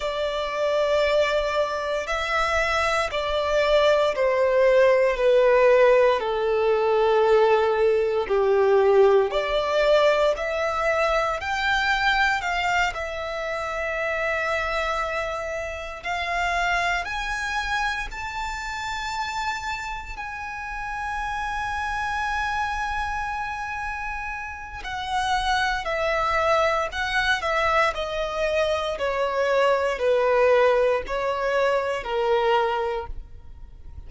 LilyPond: \new Staff \with { instrumentName = "violin" } { \time 4/4 \tempo 4 = 58 d''2 e''4 d''4 | c''4 b'4 a'2 | g'4 d''4 e''4 g''4 | f''8 e''2. f''8~ |
f''8 gis''4 a''2 gis''8~ | gis''1 | fis''4 e''4 fis''8 e''8 dis''4 | cis''4 b'4 cis''4 ais'4 | }